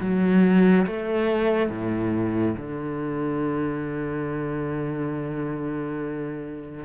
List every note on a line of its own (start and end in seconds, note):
0.00 0.86 F#3
0.86 1.69 A3
1.69 2.54 A2
2.56 6.85 D3